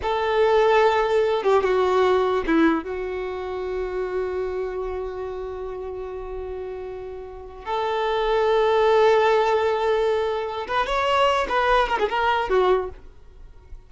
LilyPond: \new Staff \with { instrumentName = "violin" } { \time 4/4 \tempo 4 = 149 a'2.~ a'8 g'8 | fis'2 e'4 fis'4~ | fis'1~ | fis'1~ |
fis'2. a'4~ | a'1~ | a'2~ a'8 b'8 cis''4~ | cis''8 b'4 ais'16 gis'16 ais'4 fis'4 | }